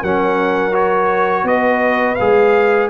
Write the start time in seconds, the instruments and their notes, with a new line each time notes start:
0.00 tuba F#3, trombone C#4, horn A#4, trumpet F#5
0.72 trombone F#4, trumpet C#5
1.44 tuba B3, horn B4, trumpet D#5
2.15 tuba G#3, trombone G#4, trumpet F5